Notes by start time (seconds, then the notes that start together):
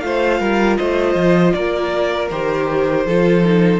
0.00 A3 F4 C5 F5
0.40 G3 A#4
0.77 A3 C5 D#5
1.15 F3
1.52 A#3 A#4 D5
2.31 D#3 G4 C5
3.06 F3 F4 A4
3.44 D#4